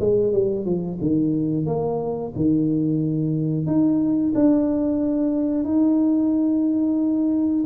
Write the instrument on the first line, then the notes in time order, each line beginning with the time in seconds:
tuba
0.00 G#3
0.33 G3
0.65 F3
1.01 D#3
1.66 A#3
2.35 D#3
3.66 D#4
4.35 D4
5.65 D#4